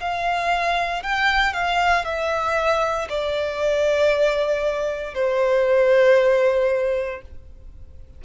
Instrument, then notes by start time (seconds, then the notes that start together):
violin
0.00 F5
1.03 G5
1.53 F5
2.05 E5
3.09 D5
5.14 C5